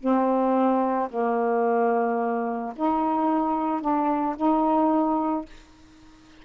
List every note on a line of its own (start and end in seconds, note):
0.00 1.09 C4
1.10 2.74 A#3
2.76 3.81 D#4
3.81 4.36 D4
4.36 5.45 D#4